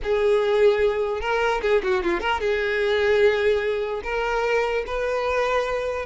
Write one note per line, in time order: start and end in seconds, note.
0.03 1.20 G#4
1.20 1.61 A#4
1.61 1.82 G#4
1.83 2.03 F#4
2.03 2.20 F4
2.20 2.40 A#4
2.40 4.01 G#4
4.03 4.84 A#4
4.86 6.05 B4